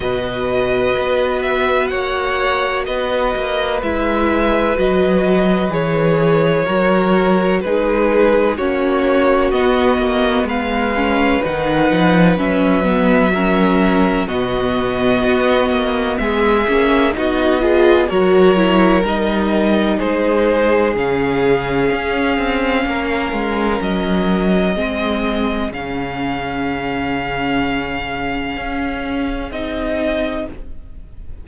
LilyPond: <<
  \new Staff \with { instrumentName = "violin" } { \time 4/4 \tempo 4 = 63 dis''4. e''8 fis''4 dis''4 | e''4 dis''4 cis''2 | b'4 cis''4 dis''4 f''4 | fis''4 e''2 dis''4~ |
dis''4 e''4 dis''4 cis''4 | dis''4 c''4 f''2~ | f''4 dis''2 f''4~ | f''2. dis''4 | }
  \new Staff \with { instrumentName = "violin" } { \time 4/4 b'2 cis''4 b'4~ | b'2. ais'4 | gis'4 fis'2 b'4~ | b'2 ais'4 fis'4~ |
fis'4 gis'4 fis'8 gis'8 ais'4~ | ais'4 gis'2. | ais'2 gis'2~ | gis'1 | }
  \new Staff \with { instrumentName = "viola" } { \time 4/4 fis'1 | e'4 fis'4 gis'4 fis'4 | dis'4 cis'4 b4. cis'8 | dis'4 cis'8 b8 cis'4 b4~ |
b4. cis'8 dis'8 f'8 fis'8 e'8 | dis'2 cis'2~ | cis'2 c'4 cis'4~ | cis'2. dis'4 | }
  \new Staff \with { instrumentName = "cello" } { \time 4/4 b,4 b4 ais4 b8 ais8 | gis4 fis4 e4 fis4 | gis4 ais4 b8 ais8 gis4 | dis8 f8 fis2 b,4 |
b8 ais8 gis8 ais8 b4 fis4 | g4 gis4 cis4 cis'8 c'8 | ais8 gis8 fis4 gis4 cis4~ | cis2 cis'4 c'4 | }
>>